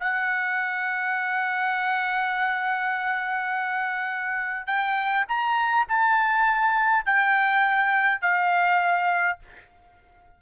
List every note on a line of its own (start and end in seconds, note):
0.00 4.67 F#5
4.67 5.25 G5
5.28 5.87 A#5
5.88 7.05 A5
7.05 8.21 G5
8.21 9.39 F5